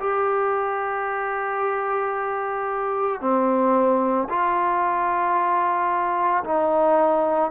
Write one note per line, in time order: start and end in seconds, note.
0.00 3.21 G4
3.21 4.28 C4
4.30 6.44 F4
6.44 7.51 D#4